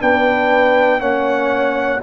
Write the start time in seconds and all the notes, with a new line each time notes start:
0.00 B3 D4 B4 G5
0.99 A#3 C#4 C#5 F#5